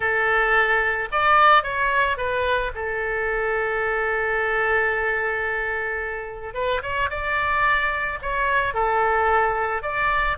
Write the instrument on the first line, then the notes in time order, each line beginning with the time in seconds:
oboe
0.00 A4
1.11 D5
1.63 C#5
2.17 B4
2.74 A4
6.54 B4
6.82 C#5
7.09 D5
8.22 C#5
8.73 A4
9.82 D5